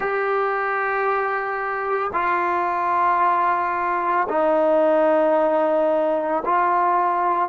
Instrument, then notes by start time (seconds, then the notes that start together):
trombone
0.00 G4
2.13 F4
4.29 D#4
6.45 F4